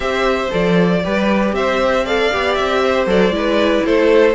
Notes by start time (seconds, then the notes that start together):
0.00 C4 G4 C5 E5
0.50 F3 A4 D5
1.03 G3 G4 B4
1.52 C4 C5 E5
2.04 A4 D5 F5
2.31 B3 G4
2.54 C4 E5
2.83 C5
3.06 F#3 A4 D5
3.29 G#3 E4
3.35 B4
3.85 A3 A4 C5